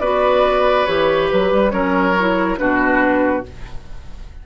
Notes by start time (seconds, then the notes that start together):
0.00 B3 F#4 B4 D5
0.86 E3 G4 C#5
1.31 F#3 B4
1.52 G3
1.71 F#3 C#4 A#4 C#5
2.20 E4
2.58 B2 D4 F#4 B4